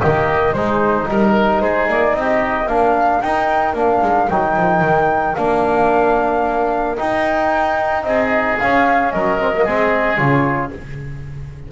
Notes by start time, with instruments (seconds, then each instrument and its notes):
0.00 double bass D#3, trombone A#3, oboe G4, flute D#5
0.53 double bass G#3, trombone G#3, oboe D#4, flute C5
1.05 double bass G3, trombone D#4, flute A#4, oboe A#4
1.60 double bass G#3, oboe G#4, flute C5
1.88 double bass A#3, flute D5
2.13 double bass C4, oboe G4, flute D#5
2.66 double bass A#3, trombone D4, oboe A#4, flute F5
3.21 double bass D#4, trombone D#4, flute G5
3.73 double bass A#3, trombone D4, flute F5
4.01 double bass G#3
4.29 double bass F#3, trombone D#4, flute G5
4.56 double bass F3
4.81 double bass D#3
5.35 double bass A#3, trombone D4, flute F5
6.97 trombone D#4, double bass D#4, flute G5
8.02 double bass C4, oboe G#4, flute D#5
8.58 trombone C#4, double bass C#4, flute F5
9.11 double bass F#3, oboe A#4, flute D#5
9.39 trombone C4
9.53 trombone A#3
9.64 double bass G#3, trombone C4, oboe G#4
10.17 double bass C#3, trombone F4, flute C#5